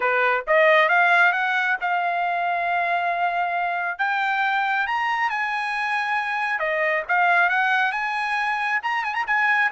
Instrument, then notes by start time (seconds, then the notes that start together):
trumpet
0.00 B4
0.47 D#5
0.88 F5
1.32 F#5
1.80 F5
3.98 G5
4.86 A#5
5.30 G#5
6.59 D#5
7.08 F5
7.49 F#5
7.92 G#5
8.82 A#5
9.03 G#5
9.14 A#5
9.26 G#5